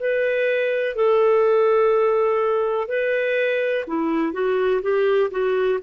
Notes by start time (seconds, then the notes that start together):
0.00 B4
0.96 A4
2.89 B4
3.88 E4
4.33 F#4
4.83 G4
5.31 F#4